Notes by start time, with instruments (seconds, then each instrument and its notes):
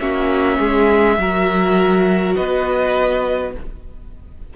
0.00 cello A#3, viola C#4, violin F#4 E5
0.58 cello G#3, violin G#4
1.18 cello F#3, viola F#4, violin A#4
2.36 cello B3, violin B4 D#5